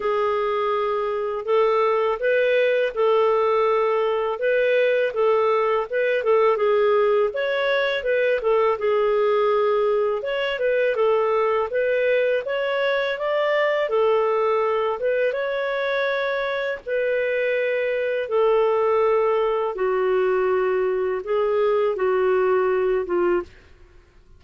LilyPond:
\new Staff \with { instrumentName = "clarinet" } { \time 4/4 \tempo 4 = 82 gis'2 a'4 b'4 | a'2 b'4 a'4 | b'8 a'8 gis'4 cis''4 b'8 a'8 | gis'2 cis''8 b'8 a'4 |
b'4 cis''4 d''4 a'4~ | a'8 b'8 cis''2 b'4~ | b'4 a'2 fis'4~ | fis'4 gis'4 fis'4. f'8 | }